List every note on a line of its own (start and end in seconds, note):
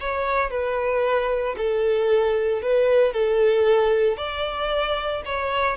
0.00 0.50 C#5
0.50 1.56 B4
1.57 2.62 A4
2.62 3.13 B4
3.13 4.17 A4
4.17 5.23 D5
5.25 5.77 C#5